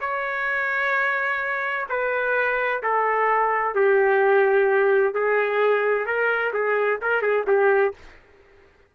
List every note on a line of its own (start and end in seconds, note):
0.00 1.86 C#5
1.89 2.82 B4
2.82 3.74 A4
3.74 5.14 G4
5.14 6.06 G#4
6.06 6.52 A#4
6.53 6.99 G#4
7.01 7.21 A#4
7.21 7.45 G#4
7.47 7.93 G4